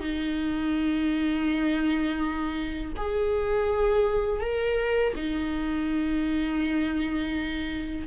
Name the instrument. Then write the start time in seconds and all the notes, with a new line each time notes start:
viola
0.00 D#4
2.97 G#4
4.40 A#4
5.16 D#4